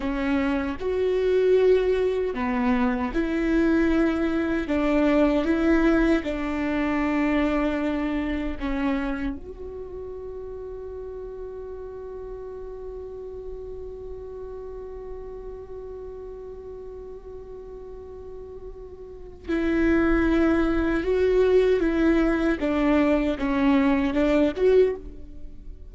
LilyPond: \new Staff \with { instrumentName = "viola" } { \time 4/4 \tempo 4 = 77 cis'4 fis'2 b4 | e'2 d'4 e'4 | d'2. cis'4 | fis'1~ |
fis'1~ | fis'1~ | fis'4 e'2 fis'4 | e'4 d'4 cis'4 d'8 fis'8 | }